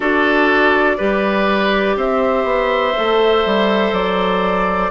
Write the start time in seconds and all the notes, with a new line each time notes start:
0.00 D4 F#4 A4 D5
0.97 G3 G4 B4
1.96 C4 C5 E5
2.44 B3
2.95 A3 A4
3.45 G3
3.92 F#3 D5